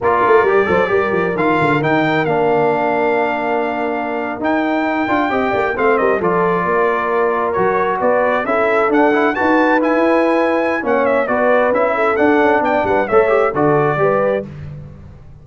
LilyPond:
<<
  \new Staff \with { instrumentName = "trumpet" } { \time 4/4 \tempo 4 = 133 d''2. f''4 | g''4 f''2.~ | f''4.~ f''16 g''2~ g''16~ | g''8. f''8 dis''8 d''2~ d''16~ |
d''8. cis''4 d''4 e''4 fis''16~ | fis''8. a''4 gis''2~ gis''16 | fis''8 e''8 d''4 e''4 fis''4 | g''8 fis''8 e''4 d''2 | }
  \new Staff \with { instrumentName = "horn" } { \time 4/4 ais'4. c''8 ais'2~ | ais'1~ | ais'2.~ ais'8. dis''16~ | dis''16 d''8 c''8 ais'8 a'4 ais'4~ ais'16~ |
ais'4.~ ais'16 b'4 a'4~ a'16~ | a'8. b'2.~ b'16 | cis''4 b'4. a'4. | d''8 b'8 cis''4 a'4 b'4 | }
  \new Staff \with { instrumentName = "trombone" } { \time 4/4 f'4 g'8 a'8 g'4 f'4 | dis'4 d'2.~ | d'4.~ d'16 dis'4. f'8 g'16~ | g'8. c'4 f'2~ f'16~ |
f'8. fis'2 e'4 d'16~ | d'16 e'8 fis'4 e'2~ e'16 | cis'4 fis'4 e'4 d'4~ | d'4 a'8 g'8 fis'4 g'4 | }
  \new Staff \with { instrumentName = "tuba" } { \time 4/4 ais8 a8 g8 fis8 g8 f8 dis8 d8 | dis4 ais2.~ | ais4.~ ais16 dis'4. d'8 c'16~ | c'16 ais8 a8 g8 f4 ais4~ ais16~ |
ais8. fis4 b4 cis'4 d'16~ | d'8. dis'4~ dis'16 e'2 | ais4 b4 cis'4 d'8 cis'8 | b8 g8 a4 d4 g4 | }
>>